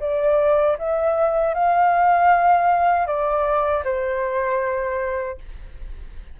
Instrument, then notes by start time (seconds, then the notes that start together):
flute
0.00 D5
0.78 E5
1.54 F5
3.06 D5
3.84 C5